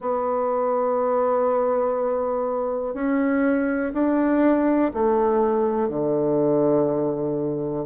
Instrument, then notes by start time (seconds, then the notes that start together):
bassoon
0.00 B3
2.94 C#4
3.93 D4
4.93 A3
5.88 D3